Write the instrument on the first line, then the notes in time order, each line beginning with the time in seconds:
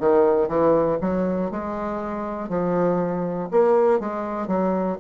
bassoon
0.00 D#3
0.49 E3
1.01 F#3
1.51 G#3
2.50 F3
3.51 A#3
4.00 G#3
4.48 F#3